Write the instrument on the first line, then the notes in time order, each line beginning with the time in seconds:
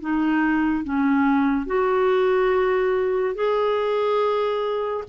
clarinet
0.00 D#4
0.84 C#4
1.66 F#4
3.35 G#4